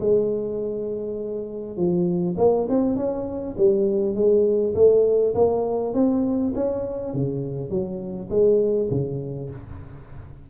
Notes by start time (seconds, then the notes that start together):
0.00 G#3
1.76 F3
2.37 A#3
2.69 C4
2.96 C#4
3.57 G3
4.15 G#3
4.75 A3
5.34 A#3
5.94 C4
6.55 C#4
7.13 C#3
7.70 F#3
8.30 G#3
8.90 C#3